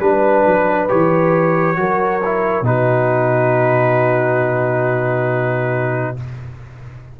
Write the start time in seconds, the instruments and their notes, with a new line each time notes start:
0.00 tuba G3, trombone D4, trumpet B4, horn B4
0.46 tuba F#3
0.89 tuba E3, trombone G4, trumpet C#5
1.76 tuba F#3, trombone F#4, horn A#4
2.25 trombone E4
2.61 tuba B2, trombone D#4, horn F#4, trumpet B4